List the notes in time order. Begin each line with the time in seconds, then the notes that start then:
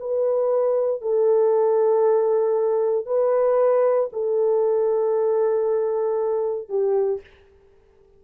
0.00 B4
1.02 A4
3.06 B4
4.13 A4
6.69 G4